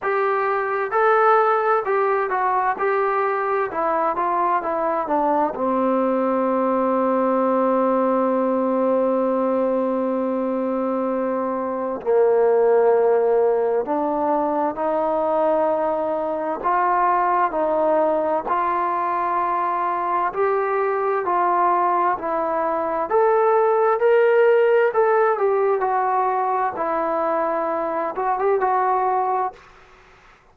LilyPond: \new Staff \with { instrumentName = "trombone" } { \time 4/4 \tempo 4 = 65 g'4 a'4 g'8 fis'8 g'4 | e'8 f'8 e'8 d'8 c'2~ | c'1~ | c'4 ais2 d'4 |
dis'2 f'4 dis'4 | f'2 g'4 f'4 | e'4 a'4 ais'4 a'8 g'8 | fis'4 e'4. fis'16 g'16 fis'4 | }